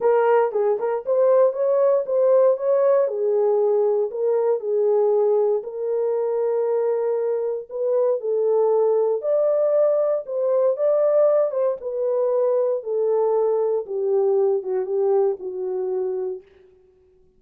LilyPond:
\new Staff \with { instrumentName = "horn" } { \time 4/4 \tempo 4 = 117 ais'4 gis'8 ais'8 c''4 cis''4 | c''4 cis''4 gis'2 | ais'4 gis'2 ais'4~ | ais'2. b'4 |
a'2 d''2 | c''4 d''4. c''8 b'4~ | b'4 a'2 g'4~ | g'8 fis'8 g'4 fis'2 | }